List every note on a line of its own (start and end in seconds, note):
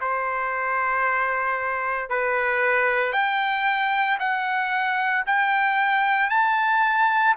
0.00 2.09 C5
2.09 3.12 B4
3.12 4.18 G5
4.19 5.24 F#5
5.26 6.29 G5
6.29 7.34 A5